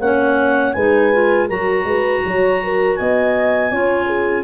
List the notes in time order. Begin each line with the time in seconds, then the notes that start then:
0.00 A#3 C#4 C#5 F#5
0.73 G#3 D#4 B4 G#5
1.13 F4
1.48 F#3 F#4 A#4 A#5
1.84 G#3 B4
2.26 F#3 C#5
2.64 A#4
2.96 B3 D#5 G#5
3.72 C#4 F4 C#5
4.07 G#4